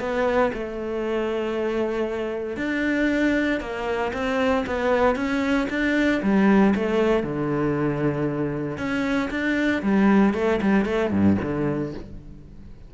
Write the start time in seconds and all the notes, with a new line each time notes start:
0.00 B3
0.54 A3
2.57 D4
3.60 A#3
4.13 C4
4.67 B3
5.16 C#4
5.69 D4
6.22 G3
6.75 A3
7.23 D3
8.78 C#4
9.30 D4
9.82 G3
10.34 A3
10.62 G3
10.85 A3
11.11 G2
11.42 D3